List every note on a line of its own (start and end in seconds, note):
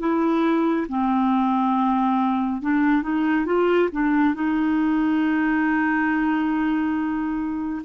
0.00 0.87 E4
0.89 2.62 C4
2.62 3.02 D4
3.02 3.46 D#4
3.46 3.89 F4
3.92 4.34 D4
4.34 7.82 D#4